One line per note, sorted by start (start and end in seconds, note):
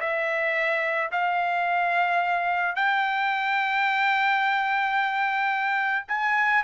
0.00 1.10 E5
1.11 2.75 F5
2.75 6.06 G5
6.08 6.63 G#5